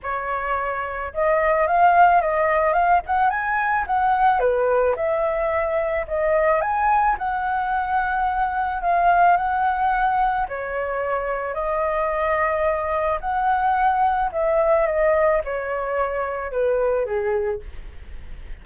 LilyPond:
\new Staff \with { instrumentName = "flute" } { \time 4/4 \tempo 4 = 109 cis''2 dis''4 f''4 | dis''4 f''8 fis''8 gis''4 fis''4 | b'4 e''2 dis''4 | gis''4 fis''2. |
f''4 fis''2 cis''4~ | cis''4 dis''2. | fis''2 e''4 dis''4 | cis''2 b'4 gis'4 | }